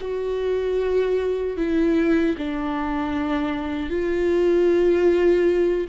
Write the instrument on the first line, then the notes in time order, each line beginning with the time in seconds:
viola
0.00 F#4
1.56 E4
2.37 D4
3.89 F4